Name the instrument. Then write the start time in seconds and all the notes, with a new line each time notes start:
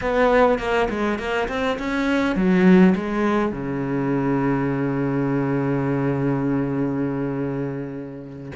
cello
0.01 B3
0.59 A#3
0.89 G#3
1.18 A#3
1.48 C4
1.78 C#4
2.35 F#3
2.95 G#3
3.51 C#3